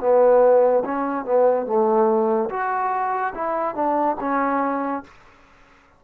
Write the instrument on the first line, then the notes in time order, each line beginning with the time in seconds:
trombone
0.00 B3
0.85 C#4
1.25 B3
1.66 A3
2.50 F#4
3.35 E4
3.75 D4
4.20 C#4